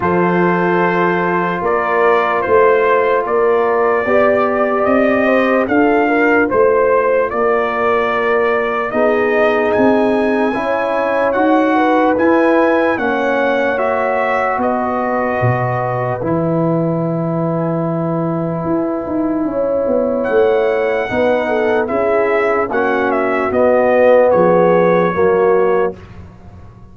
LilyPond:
<<
  \new Staff \with { instrumentName = "trumpet" } { \time 4/4 \tempo 4 = 74 c''2 d''4 c''4 | d''2 dis''4 f''4 | c''4 d''2 dis''4 | gis''2 fis''4 gis''4 |
fis''4 e''4 dis''2 | gis''1~ | gis''4 fis''2 e''4 | fis''8 e''8 dis''4 cis''2 | }
  \new Staff \with { instrumentName = "horn" } { \time 4/4 a'2 ais'4 c''4 | ais'4 d''4. c''8 a'8 ais'8 | c''4 ais'2 gis'4~ | gis'4 cis''4. b'4. |
cis''2 b'2~ | b'1 | cis''2 b'8 a'8 gis'4 | fis'2 gis'4 fis'4 | }
  \new Staff \with { instrumentName = "trombone" } { \time 4/4 f'1~ | f'4 g'2 f'4~ | f'2. dis'4~ | dis'4 e'4 fis'4 e'4 |
cis'4 fis'2. | e'1~ | e'2 dis'4 e'4 | cis'4 b2 ais4 | }
  \new Staff \with { instrumentName = "tuba" } { \time 4/4 f2 ais4 a4 | ais4 b4 c'4 d'4 | a4 ais2 b4 | c'4 cis'4 dis'4 e'4 |
ais2 b4 b,4 | e2. e'8 dis'8 | cis'8 b8 a4 b4 cis'4 | ais4 b4 f4 fis4 | }
>>